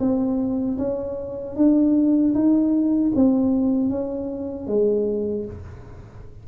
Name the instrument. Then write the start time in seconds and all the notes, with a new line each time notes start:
tuba
0.00 C4
0.78 C#4
1.56 D4
2.34 D#4
3.15 C4
3.90 C#4
4.68 G#3